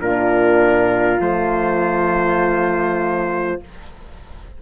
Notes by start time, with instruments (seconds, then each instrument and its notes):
0.00 bassoon A#2, horn D4, flute F4, trumpet A#4
1.19 bassoon F3, horn A3, trumpet C5